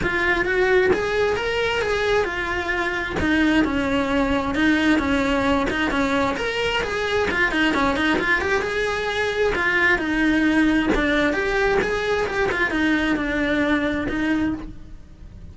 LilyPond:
\new Staff \with { instrumentName = "cello" } { \time 4/4 \tempo 4 = 132 f'4 fis'4 gis'4 ais'4 | gis'4 f'2 dis'4 | cis'2 dis'4 cis'4~ | cis'8 dis'8 cis'4 ais'4 gis'4 |
f'8 dis'8 cis'8 dis'8 f'8 g'8 gis'4~ | gis'4 f'4 dis'2 | d'4 g'4 gis'4 g'8 f'8 | dis'4 d'2 dis'4 | }